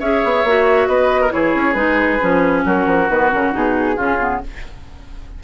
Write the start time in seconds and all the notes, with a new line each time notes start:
0.00 C#4 G#4 C#5 E5
0.25 B3
0.44 A#3 F#4
0.88 B3 B4 D#5
1.22 A#4
1.30 E3 E4 G#4 C#5
1.55 C#4
1.74 G#3 D#4 B4
2.21 F3 C#4
2.65 F#3 F#4 A#4
2.86 F3
3.10 D#3 B3 B4
3.30 C#3 C#4 A#4
3.52 B2 D#4 G#4
3.96 C#3 C#4 F4
4.20 B3